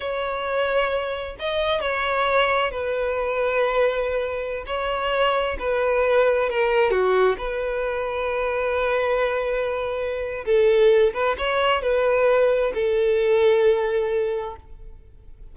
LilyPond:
\new Staff \with { instrumentName = "violin" } { \time 4/4 \tempo 4 = 132 cis''2. dis''4 | cis''2 b'2~ | b'2~ b'16 cis''4.~ cis''16~ | cis''16 b'2 ais'4 fis'8.~ |
fis'16 b'2.~ b'8.~ | b'2. a'4~ | a'8 b'8 cis''4 b'2 | a'1 | }